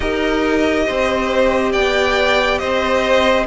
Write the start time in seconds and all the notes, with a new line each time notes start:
0.00 D#4 G4 A#4 D#5
0.86 C4 C5
1.72 B3 D5 G5
2.58 C4 C5 D#5